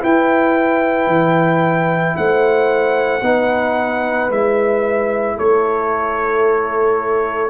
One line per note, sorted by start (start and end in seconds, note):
0.00 3.21 E4
0.00 1.07 E4
0.00 2.16 B4
0.00 2.17 G5
1.07 2.14 E3
2.17 3.22 A3
2.17 3.24 C5
2.17 4.31 F#5
3.22 4.29 B3
3.22 4.31 D#4
3.22 5.37 B4
4.31 5.38 G#3
4.31 7.51 E4
4.31 5.39 E5
5.37 7.51 A3
5.37 7.51 A4
5.37 7.51 C#5